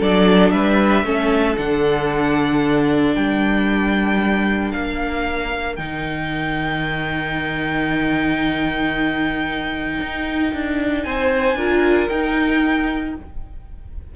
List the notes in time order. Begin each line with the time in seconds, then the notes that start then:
0.00 F#3 D4 A4 D5
0.51 G3 B4 E5
1.04 A3 C#4 A4
1.57 D3 D4 F#5
3.14 G3 A#4 G5
4.72 A#3 F5
5.76 D#3 D#4 G5
10.00 D#4
10.53 D4
11.03 C4 C5 G#5
11.55 D4 F4 A#4
12.10 D#4 G5